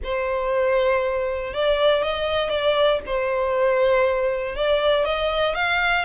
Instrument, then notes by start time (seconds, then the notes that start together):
violin
0.03 C5
1.53 D5
2.03 D#5
2.49 D5
3.05 C5
4.55 D5
5.04 D#5
5.54 F5